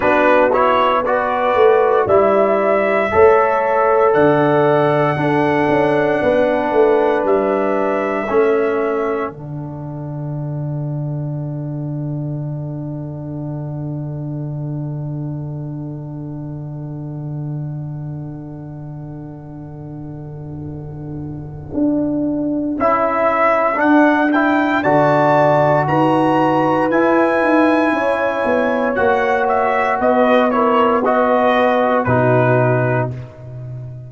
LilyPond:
<<
  \new Staff \with { instrumentName = "trumpet" } { \time 4/4 \tempo 4 = 58 b'8 cis''8 d''4 e''2 | fis''2. e''4~ | e''4 fis''2.~ | fis''1~ |
fis''1~ | fis''2 e''4 fis''8 g''8 | a''4 ais''4 gis''2 | fis''8 e''8 dis''8 cis''8 dis''4 b'4 | }
  \new Staff \with { instrumentName = "horn" } { \time 4/4 fis'4 b'4 d''4 cis''4 | d''4 a'4 b'2 | a'1~ | a'1~ |
a'1~ | a'1 | d''4 b'2 cis''4~ | cis''4 b'8 ais'8 b'4 fis'4 | }
  \new Staff \with { instrumentName = "trombone" } { \time 4/4 d'8 e'8 fis'4 e'4 a'4~ | a'4 d'2. | cis'4 d'2.~ | d'1~ |
d'1~ | d'2 e'4 d'8 e'8 | fis'2 e'2 | fis'4. e'8 fis'4 dis'4 | }
  \new Staff \with { instrumentName = "tuba" } { \time 4/4 b4. a8 g4 a4 | d4 d'8 cis'8 b8 a8 g4 | a4 d2.~ | d1~ |
d1~ | d4 d'4 cis'4 d'4 | d4 dis'4 e'8 dis'8 cis'8 b8 | ais4 b2 b,4 | }
>>